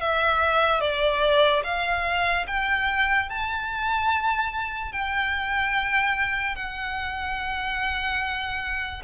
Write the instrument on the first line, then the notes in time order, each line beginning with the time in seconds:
violin
0.00 E5
0.80 D5
1.64 F5
2.47 G5
3.29 A5
4.92 G5
6.55 F#5